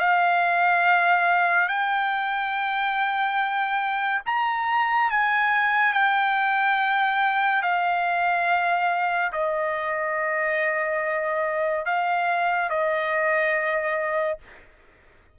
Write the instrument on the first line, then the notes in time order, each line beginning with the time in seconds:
trumpet
0.00 F5
1.69 G5
4.26 A#5
5.11 G#5
5.94 G5
7.63 F5
9.33 D#5
11.86 F5
12.70 D#5